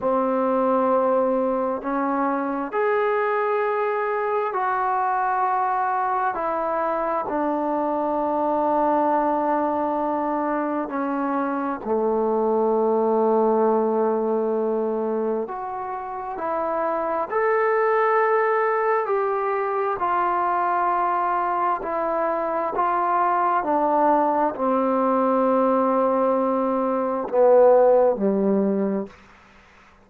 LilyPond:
\new Staff \with { instrumentName = "trombone" } { \time 4/4 \tempo 4 = 66 c'2 cis'4 gis'4~ | gis'4 fis'2 e'4 | d'1 | cis'4 a2.~ |
a4 fis'4 e'4 a'4~ | a'4 g'4 f'2 | e'4 f'4 d'4 c'4~ | c'2 b4 g4 | }